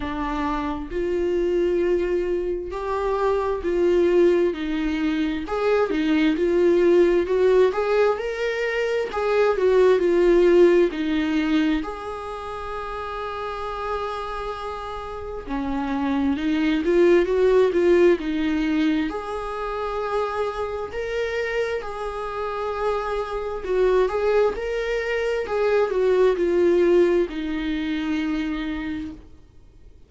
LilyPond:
\new Staff \with { instrumentName = "viola" } { \time 4/4 \tempo 4 = 66 d'4 f'2 g'4 | f'4 dis'4 gis'8 dis'8 f'4 | fis'8 gis'8 ais'4 gis'8 fis'8 f'4 | dis'4 gis'2.~ |
gis'4 cis'4 dis'8 f'8 fis'8 f'8 | dis'4 gis'2 ais'4 | gis'2 fis'8 gis'8 ais'4 | gis'8 fis'8 f'4 dis'2 | }